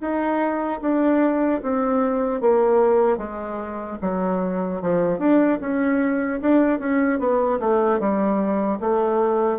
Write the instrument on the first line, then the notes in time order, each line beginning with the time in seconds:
bassoon
0.00 D#4
0.81 D4
1.62 C4
2.40 A#3
3.17 G#3
4.01 F#3
4.81 F3
5.19 D4
5.60 C#4
6.41 D4
6.79 C#4
7.19 B3
7.59 A3
7.99 G3
8.80 A3